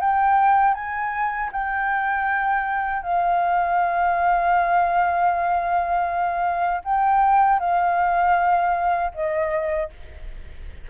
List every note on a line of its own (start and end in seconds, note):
0.00 0.74 G5
0.74 1.50 G#5
1.52 3.02 G5
3.02 6.82 F5
6.84 7.59 G5
7.59 9.11 F5
9.13 9.89 D#5